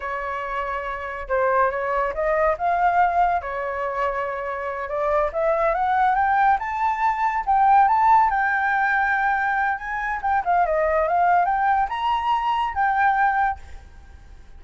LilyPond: \new Staff \with { instrumentName = "flute" } { \time 4/4 \tempo 4 = 141 cis''2. c''4 | cis''4 dis''4 f''2 | cis''2.~ cis''8 d''8~ | d''8 e''4 fis''4 g''4 a''8~ |
a''4. g''4 a''4 g''8~ | g''2. gis''4 | g''8 f''8 dis''4 f''4 g''4 | ais''2 g''2 | }